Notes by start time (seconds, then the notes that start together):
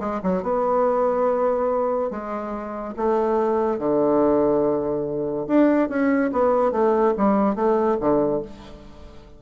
0.00 G#3
0.23 F#3
0.43 B3
2.11 G#3
2.97 A3
3.79 D3
5.48 D4
5.90 C#4
6.32 B3
6.72 A3
7.18 G3
7.55 A3
8.00 D3